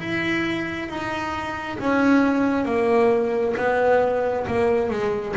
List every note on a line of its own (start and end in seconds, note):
0.00 0.89 E4
0.89 1.79 D#4
1.79 2.65 C#4
2.65 3.55 A#3
3.57 4.47 B3
4.47 4.91 A#3
4.91 5.36 G#3